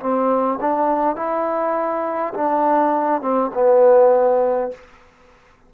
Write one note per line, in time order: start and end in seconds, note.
0.00 0.59 C4
0.61 1.17 D4
1.17 2.34 E4
2.35 3.22 D4
3.22 3.51 C4
3.55 4.72 B3